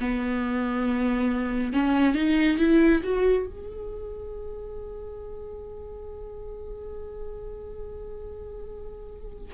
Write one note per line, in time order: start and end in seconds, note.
0.00 1.73 B3
1.73 2.15 C#4
2.15 2.58 D#4
2.58 3.01 E4
3.03 3.46 F#4
3.46 9.54 G#4